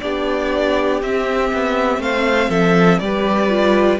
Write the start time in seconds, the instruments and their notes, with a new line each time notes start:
0.00 cello B3, viola D4, violin G4 D5
1.01 viola C4, cello C4, violin E5
1.52 cello B3
1.98 cello A3, violin C5 F5
2.48 cello F3, violin A4 E5
2.98 cello G3, viola G4, violin D5
3.04 violin B4
3.49 viola F4